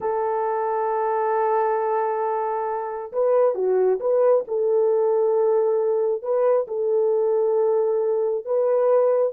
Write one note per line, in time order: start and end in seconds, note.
0.00 3.12 A4
3.12 3.54 B4
3.54 3.99 F#4
3.99 4.44 B4
4.47 6.22 A4
6.22 6.66 B4
6.67 8.45 A4
8.45 9.33 B4